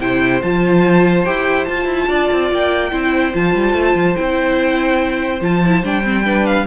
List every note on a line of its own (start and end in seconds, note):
0.00 0.42 C3
0.00 0.42 E4
0.00 2.08 C5
0.00 0.42 G5
0.42 1.26 F3
0.42 1.25 F4
0.42 1.25 A5
1.25 1.68 E4
1.25 1.66 G4
1.25 1.65 G5
1.65 2.91 F4
1.65 1.85 F4
1.65 2.48 A5
1.85 2.06 E4
2.08 2.29 D4
2.08 2.91 D5
2.32 2.52 C4
2.52 2.92 A#3
2.52 3.35 G5
2.91 3.33 C4
2.91 3.32 E4
2.91 6.25 C5
3.33 3.54 F3
3.33 4.16 F4
3.33 4.16 A5
3.54 3.73 G3
3.73 3.94 A3
3.95 4.15 F3
4.16 5.41 C4
4.16 5.41 E4
4.16 5.41 G5
5.41 5.82 F3
5.41 5.62 F4
5.41 5.85 A5
5.66 5.83 E4
5.83 6.66 G3
5.83 6.03 D4
5.83 6.46 G5
6.03 6.24 C4
6.24 6.66 D4
6.24 6.67 B4
6.46 6.66 F5